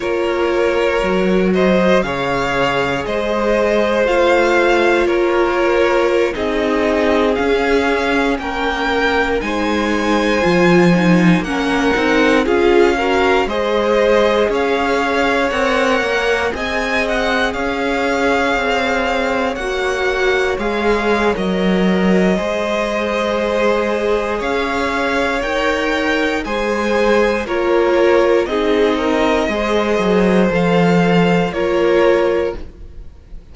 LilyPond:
<<
  \new Staff \with { instrumentName = "violin" } { \time 4/4 \tempo 4 = 59 cis''4. dis''8 f''4 dis''4 | f''4 cis''4~ cis''16 dis''4 f''8.~ | f''16 g''4 gis''2 fis''8.~ | fis''16 f''4 dis''4 f''4 fis''8.~ |
fis''16 gis''8 fis''8 f''2 fis''8.~ | fis''16 f''8. dis''2. | f''4 g''4 gis''4 cis''4 | dis''2 f''4 cis''4 | }
  \new Staff \with { instrumentName = "violin" } { \time 4/4 ais'4. c''8 cis''4 c''4~ | c''4 ais'4~ ais'16 gis'4.~ gis'16~ | gis'16 ais'4 c''2 ais'8.~ | ais'16 gis'8 ais'8 c''4 cis''4.~ cis''16~ |
cis''16 dis''4 cis''2~ cis''8.~ | cis''2 c''2 | cis''2 c''4 ais'4 | gis'8 ais'8 c''2 ais'4 | }
  \new Staff \with { instrumentName = "viola" } { \time 4/4 f'4 fis'4 gis'2 | f'2~ f'16 dis'4 cis'8.~ | cis'4~ cis'16 dis'4 f'8 dis'8 cis'8 dis'16~ | dis'16 f'8 fis'8 gis'2 ais'8.~ |
ais'16 gis'2. fis'8.~ | fis'16 gis'8. ais'4 gis'2~ | gis'4 ais'4 gis'4 f'4 | dis'4 gis'4 a'4 f'4 | }
  \new Staff \with { instrumentName = "cello" } { \time 4/4 ais4 fis4 cis4 gis4 | a4 ais4~ ais16 c'4 cis'8.~ | cis'16 ais4 gis4 f4 ais8 c'16~ | c'16 cis'4 gis4 cis'4 c'8 ais16~ |
ais16 c'4 cis'4 c'4 ais8.~ | ais16 gis8. fis4 gis2 | cis'4 dis'4 gis4 ais4 | c'4 gis8 fis8 f4 ais4 | }
>>